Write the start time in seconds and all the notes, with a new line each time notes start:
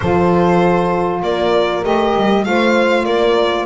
0.00 F3 F4 A4 C5
1.22 A#3 A#4 D5
1.83 A3 G4 D#5
2.16 G3
2.44 A3 F4 C5 F5
3.04 A#3 A#4 D5